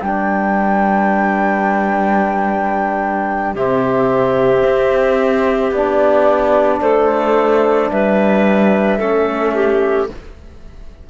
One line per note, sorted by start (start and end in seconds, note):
0.00 3.55 G3
0.00 3.56 D4
0.00 3.53 B4
0.00 3.55 G5
3.53 4.62 C3
3.53 5.73 C4
3.53 6.80 G4
3.53 5.72 E5
4.62 5.71 C4
5.71 6.80 B3
5.71 8.99 D4
5.71 6.81 D5
6.81 7.90 A3
6.81 7.90 A4
6.81 7.90 C5
7.90 9.00 G3
7.90 8.98 B4
7.90 10.08 E5
8.98 10.09 A3
8.98 10.08 C#4
8.98 9.53 A4
9.54 10.09 G4